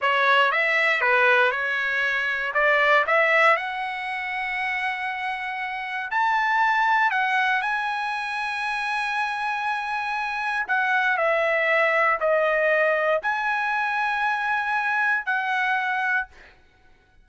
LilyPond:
\new Staff \with { instrumentName = "trumpet" } { \time 4/4 \tempo 4 = 118 cis''4 e''4 b'4 cis''4~ | cis''4 d''4 e''4 fis''4~ | fis''1 | a''2 fis''4 gis''4~ |
gis''1~ | gis''4 fis''4 e''2 | dis''2 gis''2~ | gis''2 fis''2 | }